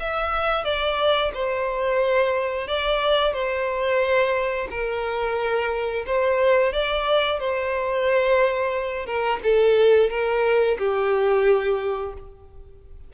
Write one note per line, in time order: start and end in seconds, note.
0.00 0.65 E5
0.65 1.32 D5
1.34 2.68 C5
2.68 3.33 D5
3.33 4.68 C5
4.71 6.06 A#4
6.06 6.73 C5
6.73 7.40 D5
7.40 9.06 C5
9.06 9.40 A#4
9.43 10.10 A4
10.10 10.78 A#4
10.79 12.13 G4